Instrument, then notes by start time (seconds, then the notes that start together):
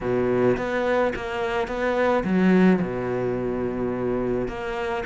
cello
0.01 B2
0.57 B3
1.15 A#3
1.67 B3
2.24 F#3
2.81 B2
4.47 A#3